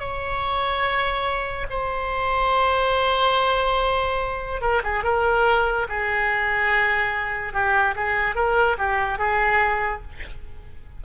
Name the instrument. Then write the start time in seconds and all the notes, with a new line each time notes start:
oboe
0.00 C#5
1.70 C5
4.61 A#4
4.84 G#4
5.04 A#4
5.89 G#4
7.53 G4
7.96 G#4
8.36 A#4
8.78 G4
9.19 G#4